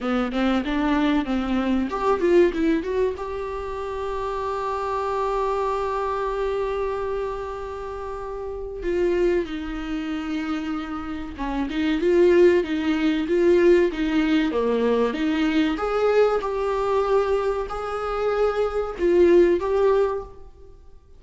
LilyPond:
\new Staff \with { instrumentName = "viola" } { \time 4/4 \tempo 4 = 95 b8 c'8 d'4 c'4 g'8 f'8 | e'8 fis'8 g'2.~ | g'1~ | g'2 f'4 dis'4~ |
dis'2 cis'8 dis'8 f'4 | dis'4 f'4 dis'4 ais4 | dis'4 gis'4 g'2 | gis'2 f'4 g'4 | }